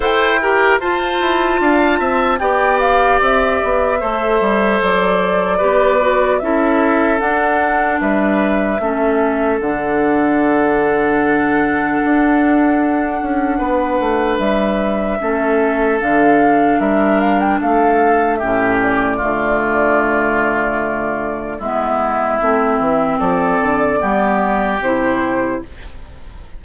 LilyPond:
<<
  \new Staff \with { instrumentName = "flute" } { \time 4/4 \tempo 4 = 75 g''4 a''2 g''8 f''8 | e''2 d''2 | e''4 fis''4 e''2 | fis''1~ |
fis''2 e''2 | f''4 e''8 f''16 g''16 f''4 e''8 d''8~ | d''2. e''4~ | e''4 d''2 c''4 | }
  \new Staff \with { instrumentName = "oboe" } { \time 4/4 c''8 ais'8 c''4 f''8 e''8 d''4~ | d''4 c''2 b'4 | a'2 b'4 a'4~ | a'1~ |
a'4 b'2 a'4~ | a'4 ais'4 a'4 g'4 | f'2. e'4~ | e'4 a'4 g'2 | }
  \new Staff \with { instrumentName = "clarinet" } { \time 4/4 a'8 g'8 f'2 g'4~ | g'4 a'2 g'8 fis'8 | e'4 d'2 cis'4 | d'1~ |
d'2. cis'4 | d'2. cis'4 | a2. b4 | c'2 b4 e'4 | }
  \new Staff \with { instrumentName = "bassoon" } { \time 4/4 e'4 f'8 e'8 d'8 c'8 b4 | c'8 b8 a8 g8 fis4 b4 | cis'4 d'4 g4 a4 | d2. d'4~ |
d'8 cis'8 b8 a8 g4 a4 | d4 g4 a4 a,4 | d2. gis4 | a8 e8 f8 d8 g4 c4 | }
>>